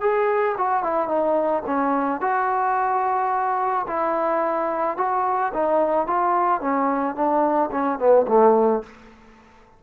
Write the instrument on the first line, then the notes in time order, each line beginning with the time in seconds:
trombone
0.00 G#4
0.57 F#4
0.83 E4
1.08 D#4
1.66 C#4
2.20 F#4
3.87 E4
4.97 F#4
5.53 D#4
6.06 F4
6.61 C#4
7.15 D4
7.71 C#4
7.98 B3
8.27 A3